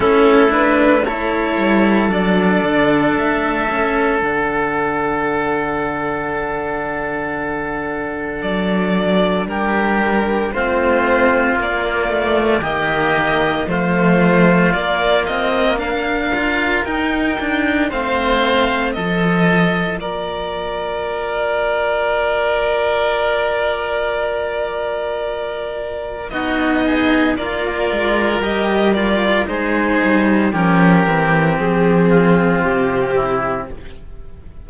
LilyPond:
<<
  \new Staff \with { instrumentName = "violin" } { \time 4/4 \tempo 4 = 57 a'8 b'8 cis''4 d''4 e''4 | fis''1 | d''4 ais'4 c''4 d''4 | dis''4 c''4 d''8 dis''8 f''4 |
g''4 f''4 dis''4 d''4~ | d''1~ | d''4 dis''4 d''4 dis''8 d''8 | c''4 ais'4 gis'4 g'4 | }
  \new Staff \with { instrumentName = "oboe" } { \time 4/4 e'4 a'2.~ | a'1~ | a'4 g'4 f'2 | g'4 f'2 ais'4~ |
ais'4 c''4 a'4 ais'4~ | ais'1~ | ais'4 fis'8 gis'8 ais'2 | gis'4 g'4. f'4 e'8 | }
  \new Staff \with { instrumentName = "cello" } { \time 4/4 cis'8 d'8 e'4 d'4. cis'8 | d'1~ | d'2 c'4 ais8 a8 | ais4 a4 ais4. f'8 |
dis'8 d'8 c'4 f'2~ | f'1~ | f'4 dis'4 f'4 g'8 f'8 | dis'4 cis'8 c'2~ c'8 | }
  \new Staff \with { instrumentName = "cello" } { \time 4/4 a4. g8 fis8 d8 a4 | d1 | fis4 g4 a4 ais4 | dis4 f4 ais8 c'8 d'4 |
dis'4 a4 f4 ais4~ | ais1~ | ais4 b4 ais8 gis8 g4 | gis8 g8 f8 e8 f4 c4 | }
>>